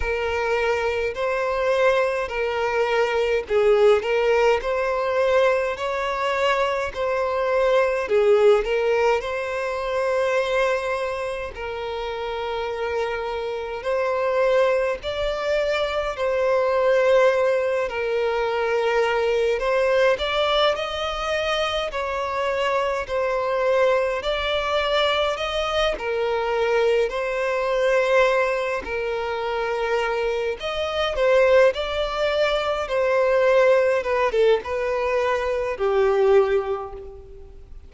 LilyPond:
\new Staff \with { instrumentName = "violin" } { \time 4/4 \tempo 4 = 52 ais'4 c''4 ais'4 gis'8 ais'8 | c''4 cis''4 c''4 gis'8 ais'8 | c''2 ais'2 | c''4 d''4 c''4. ais'8~ |
ais'4 c''8 d''8 dis''4 cis''4 | c''4 d''4 dis''8 ais'4 c''8~ | c''4 ais'4. dis''8 c''8 d''8~ | d''8 c''4 b'16 a'16 b'4 g'4 | }